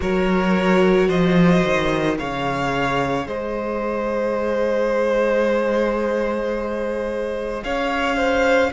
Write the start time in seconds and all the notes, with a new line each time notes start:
0.00 F#3 F#4 A#4 C#5
1.07 F3 C5 D#5
1.64 D#3
2.16 C#3 G#4 C#5 F5
3.26 G#3 C5 D#5
7.63 C#4 C#5 F5
8.15 C5